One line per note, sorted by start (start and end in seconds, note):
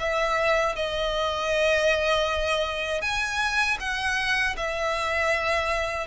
0.00 0.76 E5
0.76 3.02 D#5
3.02 3.78 G#5
3.80 4.56 F#5
4.57 6.08 E5